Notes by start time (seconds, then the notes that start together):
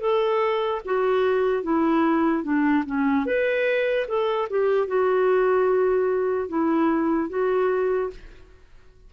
0.00 A4
0.85 F#4
1.63 E4
2.43 D4
2.86 C#4
3.25 B4
4.08 A4
4.50 G4
4.88 F#4
6.49 E4
7.29 F#4